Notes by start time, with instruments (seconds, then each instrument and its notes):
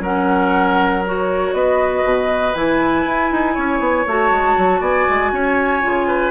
0.00 bassoon F#3, clarinet C#4, oboe A#4, flute F#5
1.06 clarinet F#4, flute C#5
1.53 bassoon B3, oboe B4, flute D#5
2.04 bassoon B2
2.55 bassoon E3, clarinet E4, flute G#5
3.06 bassoon E4
3.32 bassoon D#4
3.54 bassoon C#4, oboe C#5
3.79 bassoon B3
4.07 bassoon A3, clarinet F#4, flute A5
4.31 bassoon G#3
4.57 bassoon F#3
4.80 bassoon B3, oboe D5, flute G#5
5.09 bassoon G#3
5.32 bassoon C#4, oboe C#5
5.82 bassoon C#3, clarinet F4
6.07 oboe B4